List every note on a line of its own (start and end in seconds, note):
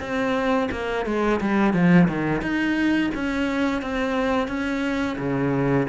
0.00 0.69 C4
0.72 1.06 A#3
1.06 1.40 G#3
1.41 1.73 G3
1.73 2.08 F3
2.08 2.42 D#3
2.42 3.11 D#4
3.15 3.82 C#4
3.82 4.48 C4
4.48 5.17 C#4
5.18 5.87 C#3